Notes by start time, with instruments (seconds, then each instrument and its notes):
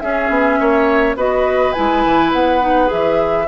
0.00 clarinet C#4, bassoon C#4, oboe G#4, flute E5
0.29 bassoon B3
0.59 bassoon A#3, oboe C#5
1.16 bassoon B3, clarinet F#4, oboe B4, flute D#5
1.73 bassoon G#3, clarinet E4, flute G#5
2.05 bassoon E3
2.33 bassoon B3, flute F#5
2.61 clarinet D#4
2.87 bassoon E3, clarinet G#4, flute E5